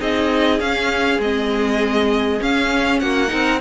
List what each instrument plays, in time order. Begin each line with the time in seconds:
0.00 cello C4, viola D#4, violin G#4 D#5
0.60 viola C#4, cello C#4, violin F5
1.19 cello G#3, viola C4, violin D#5
2.40 viola C#4, cello C#4, violin F5
3.00 cello A#3, violin F#4 F#5
3.28 cello C4, viola D#4, violin A#4